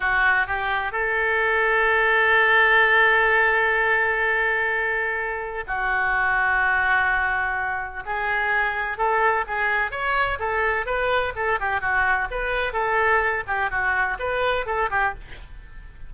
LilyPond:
\new Staff \with { instrumentName = "oboe" } { \time 4/4 \tempo 4 = 127 fis'4 g'4 a'2~ | a'1~ | a'1 | fis'1~ |
fis'4 gis'2 a'4 | gis'4 cis''4 a'4 b'4 | a'8 g'8 fis'4 b'4 a'4~ | a'8 g'8 fis'4 b'4 a'8 g'8 | }